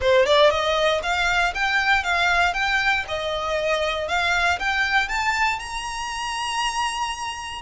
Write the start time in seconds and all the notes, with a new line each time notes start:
0.00 C5
0.25 D5
0.50 D#5
1.02 F5
1.54 G5
2.03 F5
2.53 G5
3.08 D#5
4.07 F5
4.59 G5
5.08 A5
5.59 A#5